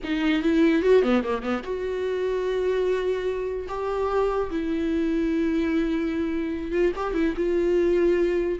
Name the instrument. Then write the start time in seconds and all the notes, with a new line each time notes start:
viola
0.03 D#4
0.42 E4
0.82 F#4
1.02 B3
1.23 A#3
1.42 B3
1.63 F#4
3.68 G4
4.50 E4
6.71 F4
6.96 G4
7.14 E4
7.36 F4